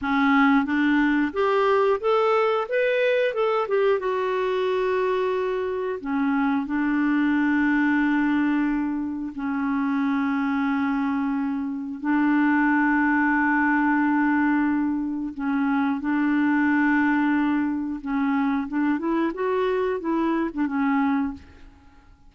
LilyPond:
\new Staff \with { instrumentName = "clarinet" } { \time 4/4 \tempo 4 = 90 cis'4 d'4 g'4 a'4 | b'4 a'8 g'8 fis'2~ | fis'4 cis'4 d'2~ | d'2 cis'2~ |
cis'2 d'2~ | d'2. cis'4 | d'2. cis'4 | d'8 e'8 fis'4 e'8. d'16 cis'4 | }